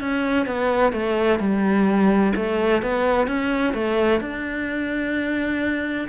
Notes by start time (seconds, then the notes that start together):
0.00 C#4
0.46 B3
0.93 A3
1.39 G3
2.36 A3
2.83 B3
3.28 C#4
3.74 A3
4.21 D4